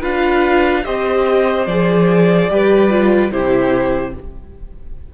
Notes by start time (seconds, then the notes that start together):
0.00 D4 F4 B4 F5
0.84 C4 G4 C5 D#5
1.66 F3 G#4 D5
2.50 G3 G4 B4
2.90 F4
3.31 C3 E4 G4 C5